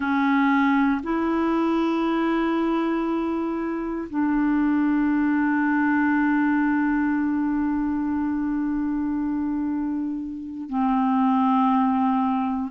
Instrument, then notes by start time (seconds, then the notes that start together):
clarinet
0.00 C#4
1.03 E4
4.09 D4
10.69 C4